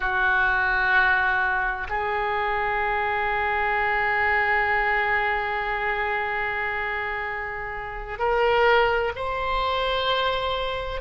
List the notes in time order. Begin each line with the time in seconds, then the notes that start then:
0.00 F#4
1.89 G#4
8.18 A#4
9.15 C5